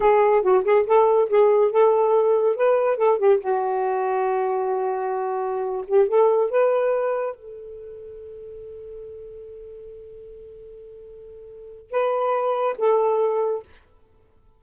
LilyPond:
\new Staff \with { instrumentName = "saxophone" } { \time 4/4 \tempo 4 = 141 gis'4 fis'8 gis'8 a'4 gis'4 | a'2 b'4 a'8 g'8 | fis'1~ | fis'4.~ fis'16 g'8 a'4 b'8.~ |
b'4~ b'16 a'2~ a'8.~ | a'1~ | a'1 | b'2 a'2 | }